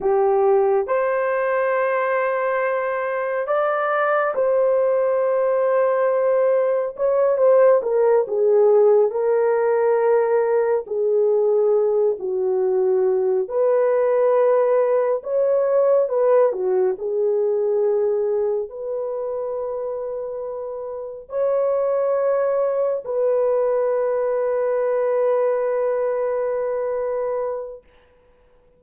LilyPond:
\new Staff \with { instrumentName = "horn" } { \time 4/4 \tempo 4 = 69 g'4 c''2. | d''4 c''2. | cis''8 c''8 ais'8 gis'4 ais'4.~ | ais'8 gis'4. fis'4. b'8~ |
b'4. cis''4 b'8 fis'8 gis'8~ | gis'4. b'2~ b'8~ | b'8 cis''2 b'4.~ | b'1 | }